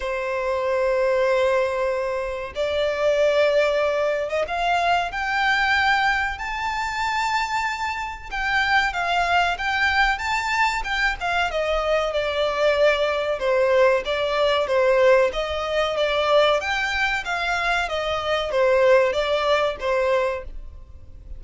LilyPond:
\new Staff \with { instrumentName = "violin" } { \time 4/4 \tempo 4 = 94 c''1 | d''2~ d''8. dis''16 f''4 | g''2 a''2~ | a''4 g''4 f''4 g''4 |
a''4 g''8 f''8 dis''4 d''4~ | d''4 c''4 d''4 c''4 | dis''4 d''4 g''4 f''4 | dis''4 c''4 d''4 c''4 | }